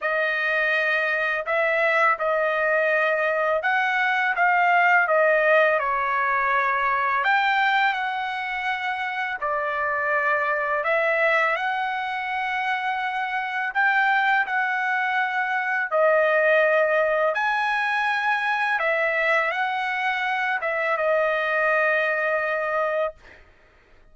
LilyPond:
\new Staff \with { instrumentName = "trumpet" } { \time 4/4 \tempo 4 = 83 dis''2 e''4 dis''4~ | dis''4 fis''4 f''4 dis''4 | cis''2 g''4 fis''4~ | fis''4 d''2 e''4 |
fis''2. g''4 | fis''2 dis''2 | gis''2 e''4 fis''4~ | fis''8 e''8 dis''2. | }